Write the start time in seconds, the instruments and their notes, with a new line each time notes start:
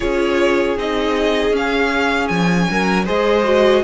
0.00 cello C#4, viola F4, violin G#4 C#5
0.77 cello C4, viola D#4, violin D#5
1.51 cello C#4, viola C#4, violin F5
2.27 cello F3, violin G#5
2.70 cello F#3, violin A#4
3.05 cello G#3, viola G#4, violin C5 D#5
3.44 viola F#4